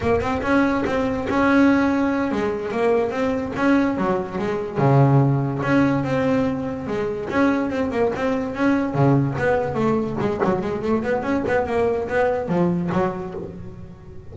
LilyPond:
\new Staff \with { instrumentName = "double bass" } { \time 4/4 \tempo 4 = 144 ais8 c'8 cis'4 c'4 cis'4~ | cis'4. gis4 ais4 c'8~ | c'8 cis'4 fis4 gis4 cis8~ | cis4. cis'4 c'4.~ |
c'8 gis4 cis'4 c'8 ais8 c'8~ | c'8 cis'4 cis4 b4 a8~ | a8 gis8 fis8 gis8 a8 b8 cis'8 b8 | ais4 b4 f4 fis4 | }